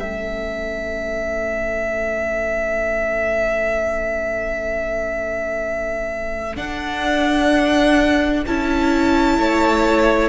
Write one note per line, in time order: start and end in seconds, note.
0.00 6.57 A3
0.00 6.56 C#4
0.00 9.38 A4
0.00 6.56 E5
6.56 8.43 D4
6.56 8.45 D4
6.56 8.44 F#5
8.47 9.38 C#4
8.47 10.29 E4
8.47 10.29 A5
9.38 10.29 A3
9.38 10.29 C#5